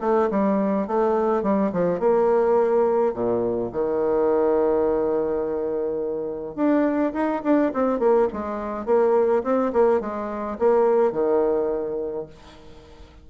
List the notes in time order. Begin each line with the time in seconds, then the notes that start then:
0.00 A3
0.30 G3
0.87 A3
1.42 G3
1.72 F3
1.99 A#3
3.13 A#2
3.72 D#3
6.55 D4
7.13 D#4
7.43 D4
7.73 C4
7.99 A#3
8.32 G#3
8.85 A#3
9.43 C4
9.72 A#3
10.00 G#3
10.58 A#3
11.11 D#3